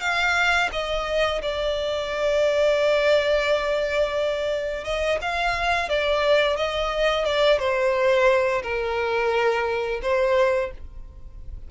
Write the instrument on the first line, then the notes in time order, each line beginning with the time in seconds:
violin
0.00 F5
0.72 D#5
1.41 D5
4.84 D#5
5.21 F5
5.88 D5
6.56 D#5
7.24 D5
7.58 C5
8.62 A#4
10.02 C5